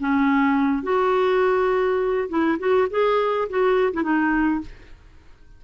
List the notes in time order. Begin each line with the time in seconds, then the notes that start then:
0.00 C#4
0.83 F#4
2.29 E4
2.59 F#4
2.90 G#4
3.50 F#4
3.93 E4
4.03 D#4